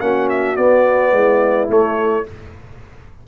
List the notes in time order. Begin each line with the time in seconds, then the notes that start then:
0.00 A#3 C#4 F#4 F#5
0.29 E5
0.56 B3 D5
1.12 G#3 E4
1.68 A3 C#5